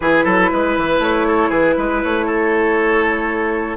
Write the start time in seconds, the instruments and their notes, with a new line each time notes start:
0.00 bassoon E3, clarinet E4, oboe G#4, flute B4
0.24 bassoon F#3, oboe A4
0.52 bassoon G#3, oboe B4
0.77 bassoon E3
0.99 bassoon A3, flute C#5
1.27 oboe A4
1.49 bassoon E3, oboe G#4, flute B4
1.77 bassoon G#3, oboe B4
2.03 bassoon A3, flute C#5
2.26 oboe A4